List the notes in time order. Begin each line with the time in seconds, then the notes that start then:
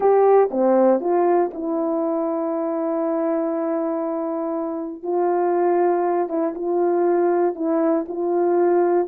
0.00 G4
0.50 C4
1.00 F4
1.53 E4
5.03 F4
6.28 E4
6.54 F4
7.55 E4
8.08 F4